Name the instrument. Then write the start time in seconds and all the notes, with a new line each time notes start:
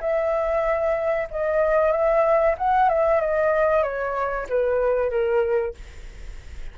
flute
0.00 E5
1.31 D#5
1.91 E5
2.58 F#5
2.89 E5
3.21 D#5
3.83 C#5
4.49 B4
5.10 A#4